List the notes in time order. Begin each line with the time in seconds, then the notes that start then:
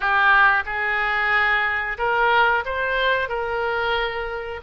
0.00 G4
0.65 G#4
1.98 A#4
2.65 C5
3.28 A#4